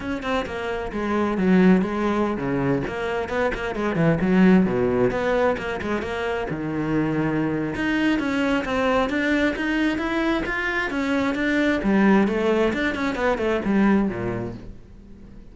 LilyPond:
\new Staff \with { instrumentName = "cello" } { \time 4/4 \tempo 4 = 132 cis'8 c'8 ais4 gis4 fis4 | gis4~ gis16 cis4 ais4 b8 ais16~ | ais16 gis8 e8 fis4 b,4 b8.~ | b16 ais8 gis8 ais4 dis4.~ dis16~ |
dis4 dis'4 cis'4 c'4 | d'4 dis'4 e'4 f'4 | cis'4 d'4 g4 a4 | d'8 cis'8 b8 a8 g4 ais,4 | }